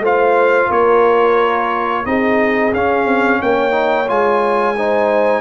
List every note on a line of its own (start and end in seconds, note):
0.00 0.67 A3
0.00 2.06 F4
0.00 0.69 C5
0.06 0.72 F5
0.69 2.06 A#3
0.69 2.04 A#4
0.69 2.06 C#5
2.06 2.73 C4
2.06 2.73 D#4
2.06 3.42 G#4
2.06 2.74 D#5
2.74 3.06 C#4
2.74 3.72 C#4
2.74 3.42 F5
3.06 3.40 C4
3.42 4.10 A#3
3.42 4.77 C#5
3.42 4.09 G5
3.72 4.06 D#4
4.08 5.42 G#3
4.08 4.75 F4
4.08 5.42 G#5
4.77 5.42 D#4
4.77 5.42 C5